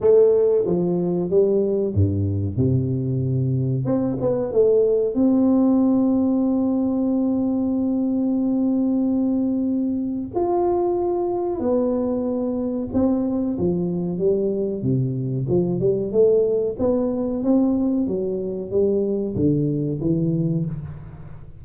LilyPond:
\new Staff \with { instrumentName = "tuba" } { \time 4/4 \tempo 4 = 93 a4 f4 g4 g,4 | c2 c'8 b8 a4 | c'1~ | c'1 |
f'2 b2 | c'4 f4 g4 c4 | f8 g8 a4 b4 c'4 | fis4 g4 d4 e4 | }